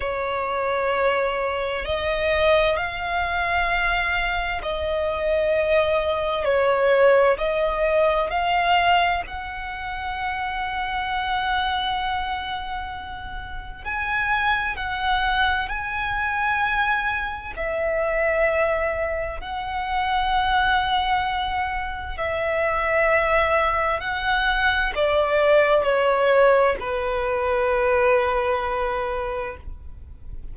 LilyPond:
\new Staff \with { instrumentName = "violin" } { \time 4/4 \tempo 4 = 65 cis''2 dis''4 f''4~ | f''4 dis''2 cis''4 | dis''4 f''4 fis''2~ | fis''2. gis''4 |
fis''4 gis''2 e''4~ | e''4 fis''2. | e''2 fis''4 d''4 | cis''4 b'2. | }